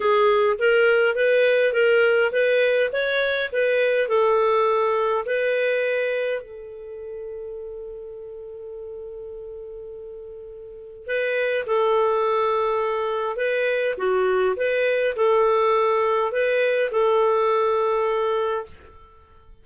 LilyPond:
\new Staff \with { instrumentName = "clarinet" } { \time 4/4 \tempo 4 = 103 gis'4 ais'4 b'4 ais'4 | b'4 cis''4 b'4 a'4~ | a'4 b'2 a'4~ | a'1~ |
a'2. b'4 | a'2. b'4 | fis'4 b'4 a'2 | b'4 a'2. | }